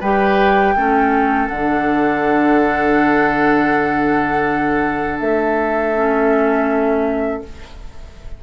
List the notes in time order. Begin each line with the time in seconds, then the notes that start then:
0.00 G3 G4 B4 G5
0.75 A3 C#4 A4
1.48 D3 D4 F#5
5.19 A3 E5
5.95 C#4